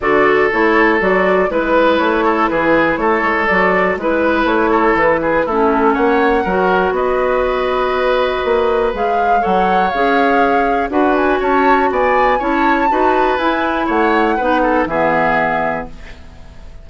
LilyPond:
<<
  \new Staff \with { instrumentName = "flute" } { \time 4/4 \tempo 4 = 121 d''4 cis''4 d''4 b'4 | cis''4 b'4 cis''4 d''4 | b'4 cis''4 b'4 a'4 | fis''2 dis''2~ |
dis''2 f''4 fis''4 | f''2 fis''8 gis''8 a''4 | gis''4 a''2 gis''4 | fis''2 e''2 | }
  \new Staff \with { instrumentName = "oboe" } { \time 4/4 a'2. b'4~ | b'8 a'8 gis'4 a'2 | b'4. a'4 gis'8 e'4 | cis''4 ais'4 b'2~ |
b'2. cis''4~ | cis''2 b'4 cis''4 | d''4 cis''4 b'2 | cis''4 b'8 a'8 gis'2 | }
  \new Staff \with { instrumentName = "clarinet" } { \time 4/4 fis'4 e'4 fis'4 e'4~ | e'2. fis'4 | e'2. cis'4~ | cis'4 fis'2.~ |
fis'2 gis'4 a'4 | gis'2 fis'2~ | fis'4 e'4 fis'4 e'4~ | e'4 dis'4 b2 | }
  \new Staff \with { instrumentName = "bassoon" } { \time 4/4 d4 a4 fis4 gis4 | a4 e4 a8 gis8 fis4 | gis4 a4 e4 a4 | ais4 fis4 b2~ |
b4 ais4 gis4 fis4 | cis'2 d'4 cis'4 | b4 cis'4 dis'4 e'4 | a4 b4 e2 | }
>>